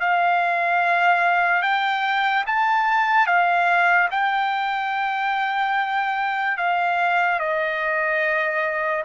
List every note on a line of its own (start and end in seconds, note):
0.00 1.61 F5
1.61 2.44 G5
2.46 3.26 A5
3.26 4.08 F5
4.11 6.57 G5
6.57 7.39 F5
7.39 9.03 D#5